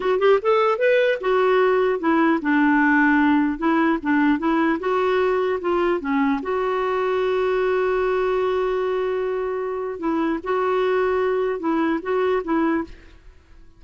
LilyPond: \new Staff \with { instrumentName = "clarinet" } { \time 4/4 \tempo 4 = 150 fis'8 g'8 a'4 b'4 fis'4~ | fis'4 e'4 d'2~ | d'4 e'4 d'4 e'4 | fis'2 f'4 cis'4 |
fis'1~ | fis'1~ | fis'4 e'4 fis'2~ | fis'4 e'4 fis'4 e'4 | }